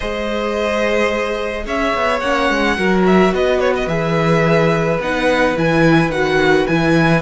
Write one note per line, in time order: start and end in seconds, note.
0.00 1.66 G#3
0.00 2.23 G#4
0.00 1.63 C5
0.00 1.67 D#5
1.66 1.94 C#4
1.66 2.77 C#5
1.66 2.20 E5
1.94 2.21 B3
2.20 2.49 A#3
2.20 2.77 C#4
2.20 3.03 F#5
2.49 2.77 G#3
2.77 3.33 F#3
2.77 3.87 F#4
2.77 3.33 A#4
3.06 3.34 E5
3.33 3.86 B3
3.33 7.21 B4
3.33 3.59 D#5
3.59 3.73 C#5
3.75 3.88 D#5
3.86 4.98 E3
3.86 4.99 G#4
3.86 4.99 E5
5.00 5.55 B3
5.00 5.56 D#4
5.00 5.57 F#5
5.56 6.09 E3
5.56 6.12 E4
5.56 6.11 G#5
6.09 6.64 D#3
6.09 6.68 F#4
6.09 6.66 F#5
6.66 7.21 E3
6.66 7.21 E4
6.66 7.21 G#5